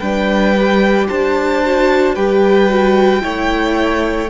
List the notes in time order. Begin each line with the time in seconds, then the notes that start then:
0.00 G3 D4 B4 G5
0.57 G4
1.08 D4 C5 A5
1.64 F#4
2.15 G3 G4 B4 G5
2.69 F#4
3.22 A3 E4 C#5